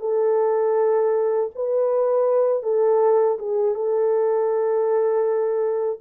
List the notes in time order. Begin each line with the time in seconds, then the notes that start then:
0.00 A4
1.55 B4
2.63 A4
3.39 G#4
3.75 A4